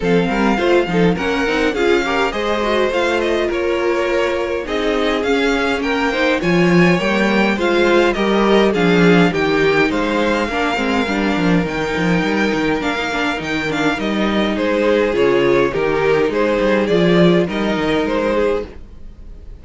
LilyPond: <<
  \new Staff \with { instrumentName = "violin" } { \time 4/4 \tempo 4 = 103 f''2 fis''4 f''4 | dis''4 f''8 dis''8 cis''2 | dis''4 f''4 g''4 gis''4 | g''4 f''4 dis''4 f''4 |
g''4 f''2. | g''2 f''4 g''8 f''8 | dis''4 c''4 cis''4 ais'4 | c''4 d''4 dis''4 c''4 | }
  \new Staff \with { instrumentName = "violin" } { \time 4/4 a'8 ais'8 c''8 a'8 ais'4 gis'8 ais'8 | c''2 ais'2 | gis'2 ais'8 c''8 cis''4~ | cis''4 c''4 ais'4 gis'4 |
g'4 c''4 ais'2~ | ais'1~ | ais'4 gis'2 g'4 | gis'2 ais'4. gis'8 | }
  \new Staff \with { instrumentName = "viola" } { \time 4/4 c'4 f'8 dis'8 cis'8 dis'8 f'8 g'8 | gis'8 fis'8 f'2. | dis'4 cis'4. dis'8 f'4 | ais4 f'4 g'4 d'4 |
dis'2 d'8 c'8 d'4 | dis'2 d'16 dis'16 d'8 dis'8 d'8 | dis'2 f'4 dis'4~ | dis'4 f'4 dis'2 | }
  \new Staff \with { instrumentName = "cello" } { \time 4/4 f8 g8 a8 f8 ais8 c'8 cis'4 | gis4 a4 ais2 | c'4 cis'4 ais4 f4 | g4 gis4 g4 f4 |
dis4 gis4 ais8 gis8 g8 f8 | dis8 f8 g8 dis8 ais4 dis4 | g4 gis4 cis4 dis4 | gis8 g8 f4 g8 dis8 gis4 | }
>>